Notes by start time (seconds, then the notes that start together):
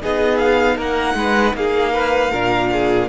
0.00 B3 D#4 G#4 D#5
0.38 F5
0.76 A#3 A#4 F#5
1.14 G#3 B4
1.54 A#3 G#4 F5
1.93 B4
2.31 A#2 D4 A#4
2.72 G#4